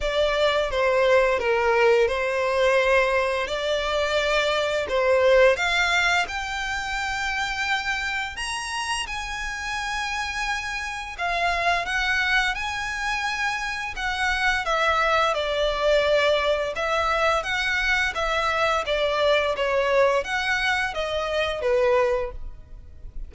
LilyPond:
\new Staff \with { instrumentName = "violin" } { \time 4/4 \tempo 4 = 86 d''4 c''4 ais'4 c''4~ | c''4 d''2 c''4 | f''4 g''2. | ais''4 gis''2. |
f''4 fis''4 gis''2 | fis''4 e''4 d''2 | e''4 fis''4 e''4 d''4 | cis''4 fis''4 dis''4 b'4 | }